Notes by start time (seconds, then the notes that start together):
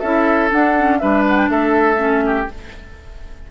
0.00 C#4 E4 A4 E5
0.50 D4 F#5
0.78 C#4
0.99 G3 D4 B4 E5
1.28 F#5
1.37 G5
1.49 A3 A4 E5
1.97 C#4
2.26 G4